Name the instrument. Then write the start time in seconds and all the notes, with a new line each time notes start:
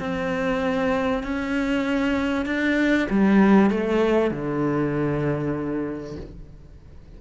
cello
0.00 C4
1.23 C#4
2.46 D4
3.10 G3
3.71 A3
4.31 D3